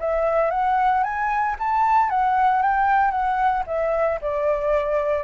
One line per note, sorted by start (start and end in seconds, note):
0.00 0.51 E5
0.51 1.04 F#5
1.04 1.56 G#5
1.59 2.10 A5
2.10 2.63 F#5
2.63 3.11 G5
3.11 3.64 F#5
3.67 4.20 E5
4.22 5.24 D5